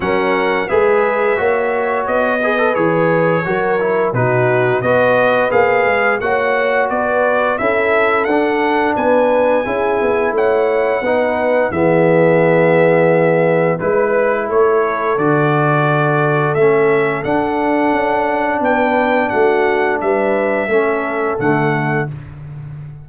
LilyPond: <<
  \new Staff \with { instrumentName = "trumpet" } { \time 4/4 \tempo 4 = 87 fis''4 e''2 dis''4 | cis''2 b'4 dis''4 | f''4 fis''4 d''4 e''4 | fis''4 gis''2 fis''4~ |
fis''4 e''2. | b'4 cis''4 d''2 | e''4 fis''2 g''4 | fis''4 e''2 fis''4 | }
  \new Staff \with { instrumentName = "horn" } { \time 4/4 ais'4 b'4 cis''4. b'8~ | b'4 ais'4 fis'4 b'4~ | b'4 cis''4 b'4 a'4~ | a'4 b'4 gis'4 cis''4 |
b'4 gis'2. | b'4 a'2.~ | a'2. b'4 | fis'4 b'4 a'2 | }
  \new Staff \with { instrumentName = "trombone" } { \time 4/4 cis'4 gis'4 fis'4. gis'16 a'16 | gis'4 fis'8 e'8 dis'4 fis'4 | gis'4 fis'2 e'4 | d'2 e'2 |
dis'4 b2. | e'2 fis'2 | cis'4 d'2.~ | d'2 cis'4 a4 | }
  \new Staff \with { instrumentName = "tuba" } { \time 4/4 fis4 gis4 ais4 b4 | e4 fis4 b,4 b4 | ais8 gis8 ais4 b4 cis'4 | d'4 b4 cis'8 b8 a4 |
b4 e2. | gis4 a4 d2 | a4 d'4 cis'4 b4 | a4 g4 a4 d4 | }
>>